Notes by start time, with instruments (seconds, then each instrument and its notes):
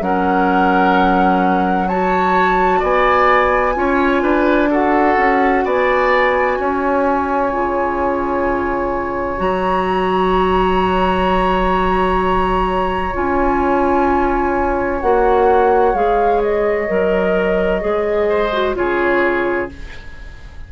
0.00 bassoon F#3, clarinet C#4, oboe A#4, flute F#5
1.88 clarinet F#4, oboe C#5, flute A5
2.79 bassoon B3, oboe D5, flute G#5
3.74 bassoon C#4, clarinet F4, oboe C#5
4.22 bassoon D4, oboe B4
4.70 clarinet F#4, oboe A4, flute F#5
5.17 bassoon C#4
5.64 bassoon B3, oboe D5, flute G#5
6.58 bassoon C#4, oboe C#5
7.51 bassoon C#3, clarinet F4
9.37 bassoon F#3, clarinet F#4, flute A#5
13.13 bassoon C#4, clarinet F4, flute G#5
15.01 bassoon A#3, clarinet F#4, flute F#5
15.94 bassoon G#3, clarinet G#4, flute F5
16.42 flute D#5
16.88 bassoon F#3, clarinet A#4
17.81 bassoon G#3, clarinet G#4
18.29 oboe C5
18.52 clarinet F#4
18.75 bassoon C#3, clarinet F4, oboe G#4, flute C#5